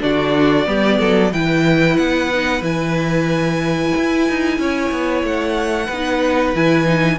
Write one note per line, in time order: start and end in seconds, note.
0.00 0.66 D3
0.00 0.65 D4
0.00 0.67 F#4
0.00 1.32 D5
0.65 0.99 G3
0.65 1.31 B3
0.65 0.99 G4
0.99 1.32 F#3
0.99 1.31 A4
1.32 1.97 E3
1.32 2.33 E4
1.32 4.58 B4
1.32 1.96 G5
1.96 2.61 B3
1.96 2.62 F#5
2.33 2.61 D#4
2.61 3.92 E3
2.61 5.87 E4
2.61 5.25 G#5
3.96 4.29 E4
4.29 4.58 D#4
4.58 4.91 C#4
4.58 5.86 C#5
4.92 5.23 B3
5.23 5.88 A3
5.23 6.55 F#5
5.86 6.54 B3
5.86 7.16 B4
5.93 6.55 D#4
6.54 7.18 E3
6.54 6.85 E4
6.54 7.18 G#5
6.85 7.18 D#4